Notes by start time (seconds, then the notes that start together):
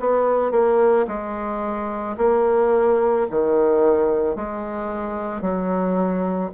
0.00 B3
0.52 A#3
1.08 G#3
2.18 A#3
3.31 D#3
4.36 G#3
5.42 F#3